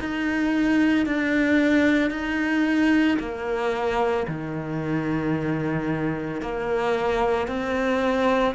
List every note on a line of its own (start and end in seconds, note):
0.00 1.06 D#4
1.06 2.10 D4
2.10 3.18 D#4
3.19 4.26 A#3
4.27 6.41 D#3
6.41 7.48 A#3
7.48 8.55 C4